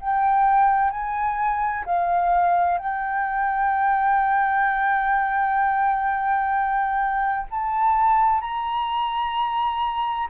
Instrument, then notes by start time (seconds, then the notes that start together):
flute
0.00 G5
0.91 G#5
1.85 F5
2.78 G5
7.50 A5
8.41 A#5